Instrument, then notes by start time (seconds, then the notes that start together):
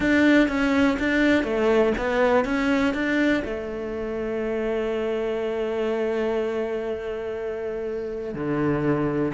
cello
0.00 D4
0.48 C#4
0.99 D4
1.43 A3
1.97 B3
2.45 C#4
2.94 D4
3.44 A3
8.34 D3